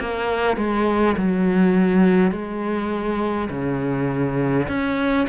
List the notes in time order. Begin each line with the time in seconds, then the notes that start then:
0.00 A#3
0.57 G#3
1.17 F#3
2.32 G#3
3.50 C#3
4.68 C#4